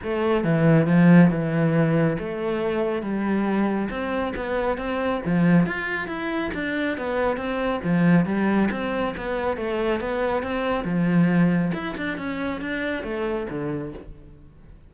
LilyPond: \new Staff \with { instrumentName = "cello" } { \time 4/4 \tempo 4 = 138 a4 e4 f4 e4~ | e4 a2 g4~ | g4 c'4 b4 c'4 | f4 f'4 e'4 d'4 |
b4 c'4 f4 g4 | c'4 b4 a4 b4 | c'4 f2 e'8 d'8 | cis'4 d'4 a4 d4 | }